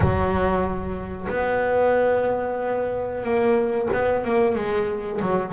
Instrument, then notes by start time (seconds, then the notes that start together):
double bass
0.00 F#3
1.29 B3
3.23 A#3
3.92 B3
4.24 A#3
4.55 G#3
5.21 F#3